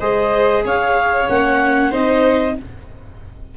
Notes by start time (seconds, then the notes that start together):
0.00 G#3 G#4 C5 D#5
0.65 C#4 C#5 F5
1.29 A#3 C#4 F#5
1.91 C4 D#4 C5 D#5